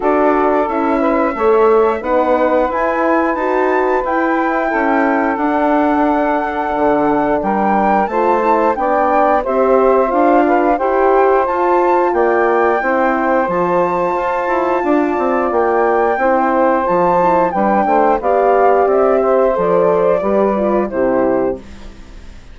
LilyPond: <<
  \new Staff \with { instrumentName = "flute" } { \time 4/4 \tempo 4 = 89 d''4 e''2 fis''4 | gis''4 a''4 g''2 | fis''2. g''4 | a''4 g''4 e''4 f''4 |
g''4 a''4 g''2 | a''2. g''4~ | g''4 a''4 g''4 f''4 | e''4 d''2 c''4 | }
  \new Staff \with { instrumentName = "saxophone" } { \time 4/4 a'4. b'8 cis''4 b'4~ | b'2. a'4~ | a'2. ais'4 | c''4 d''4 c''4. b'8 |
c''2 d''4 c''4~ | c''2 d''2 | c''2 b'8 c''8 d''4~ | d''8 c''4. b'4 g'4 | }
  \new Staff \with { instrumentName = "horn" } { \time 4/4 fis'4 e'4 a'4 dis'4 | e'4 fis'4 e'2 | d'1 | f'8 e'8 d'4 g'4 f'4 |
g'4 f'2 e'4 | f'1 | e'4 f'8 e'8 d'4 g'4~ | g'4 a'4 g'8 f'8 e'4 | }
  \new Staff \with { instrumentName = "bassoon" } { \time 4/4 d'4 cis'4 a4 b4 | e'4 dis'4 e'4 cis'4 | d'2 d4 g4 | a4 b4 c'4 d'4 |
e'4 f'4 ais4 c'4 | f4 f'8 e'8 d'8 c'8 ais4 | c'4 f4 g8 a8 b4 | c'4 f4 g4 c4 | }
>>